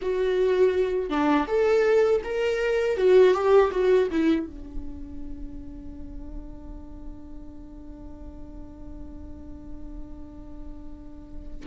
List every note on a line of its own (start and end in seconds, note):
0.01 1.09 F#4
1.09 1.46 D4
1.47 2.22 A4
2.24 2.97 A#4
2.97 3.33 F#4
3.33 3.70 G4
3.71 4.08 F#4
4.11 4.46 E4
4.46 11.66 D4